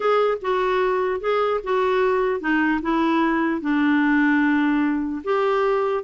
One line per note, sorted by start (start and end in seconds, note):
0.00 0.38 G#4
0.41 1.20 F#4
1.20 1.60 G#4
1.63 2.40 F#4
2.40 2.80 D#4
2.82 3.61 E4
3.61 5.22 D4
5.23 6.03 G4